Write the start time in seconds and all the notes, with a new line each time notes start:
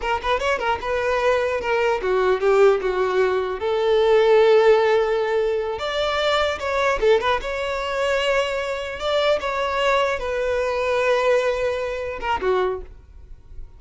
0.01 A#4
0.22 B4
0.39 C#5
0.58 A#4
0.81 B4
1.61 A#4
2.01 F#4
2.40 G4
2.81 F#4
3.59 A4
5.78 D5
6.59 C#5
7.00 A4
7.20 B4
7.41 C#5
8.99 D5
9.40 C#5
10.19 B4
12.20 A#4
12.41 F#4